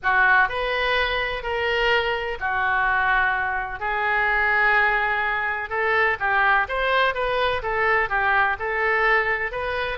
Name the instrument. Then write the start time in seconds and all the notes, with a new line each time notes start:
oboe
0.03 F#4
0.48 B4
1.42 A#4
2.40 F#4
3.79 G#4
5.69 A4
6.19 G4
6.68 C5
7.14 B4
7.62 A4
8.09 G4
8.59 A4
9.51 B4